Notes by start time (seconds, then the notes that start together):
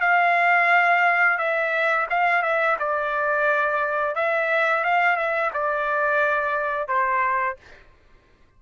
0.00 F5
1.38 E5
2.10 F5
2.42 E5
2.79 D5
4.15 E5
4.84 F5
5.16 E5
5.53 D5
6.88 C5